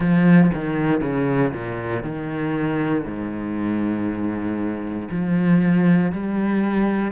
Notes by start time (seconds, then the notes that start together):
0.00 F3
0.54 D#3
1.00 C#3
1.53 A#2
2.03 D#3
3.05 G#2
5.11 F3
6.12 G3